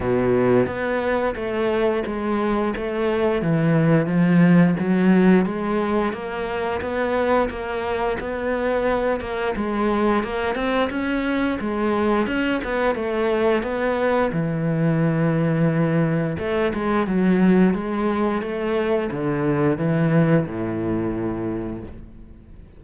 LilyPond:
\new Staff \with { instrumentName = "cello" } { \time 4/4 \tempo 4 = 88 b,4 b4 a4 gis4 | a4 e4 f4 fis4 | gis4 ais4 b4 ais4 | b4. ais8 gis4 ais8 c'8 |
cis'4 gis4 cis'8 b8 a4 | b4 e2. | a8 gis8 fis4 gis4 a4 | d4 e4 a,2 | }